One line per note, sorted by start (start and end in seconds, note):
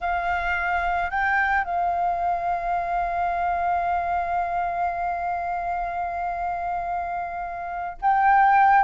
0.01 1.10 F5
1.10 1.64 G5
1.64 7.97 F5
8.01 8.83 G5